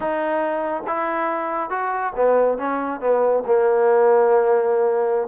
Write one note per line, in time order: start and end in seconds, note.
0.00 0.83 D#4
0.87 1.70 E4
1.70 2.13 F#4
2.16 2.58 B3
2.58 3.00 C#4
3.00 3.43 B3
3.46 5.28 A#3